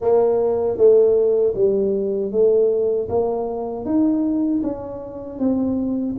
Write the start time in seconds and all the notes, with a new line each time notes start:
0.01 A#3
0.77 A3
1.54 G3
2.31 A3
3.08 A#3
3.85 D#4
4.63 C#4
5.38 C4